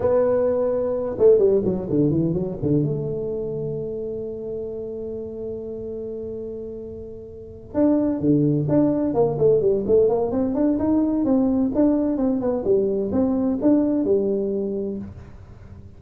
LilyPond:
\new Staff \with { instrumentName = "tuba" } { \time 4/4 \tempo 4 = 128 b2~ b8 a8 g8 fis8 | d8 e8 fis8 d8 a2~ | a1~ | a1~ |
a8 d'4 d4 d'4 ais8 | a8 g8 a8 ais8 c'8 d'8 dis'4 | c'4 d'4 c'8 b8 g4 | c'4 d'4 g2 | }